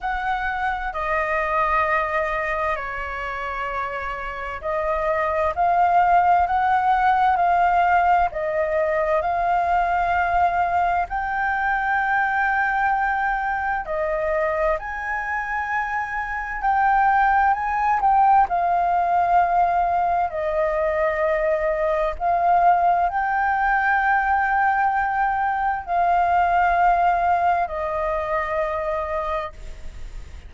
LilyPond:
\new Staff \with { instrumentName = "flute" } { \time 4/4 \tempo 4 = 65 fis''4 dis''2 cis''4~ | cis''4 dis''4 f''4 fis''4 | f''4 dis''4 f''2 | g''2. dis''4 |
gis''2 g''4 gis''8 g''8 | f''2 dis''2 | f''4 g''2. | f''2 dis''2 | }